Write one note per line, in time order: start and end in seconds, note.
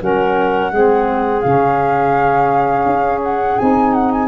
0.00 0.72 F#3
0.00 0.71 C#4
0.00 0.72 A#4
0.00 1.41 F#5
0.72 1.44 G#3
0.72 1.44 C4
0.72 4.28 G#4
1.41 2.86 C#3
1.41 3.58 C#4
1.41 3.20 F5
2.86 3.58 C#4
3.23 3.58 F#5
3.58 4.28 C4
3.58 4.28 D#4
3.58 3.94 G#5
3.94 4.12 F#5
4.12 4.28 G#5